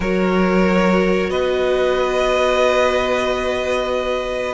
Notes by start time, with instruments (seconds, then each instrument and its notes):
0.00 cello F#3, viola F#4, violin A#4 C#5
1.29 cello B3, violin B4 D#5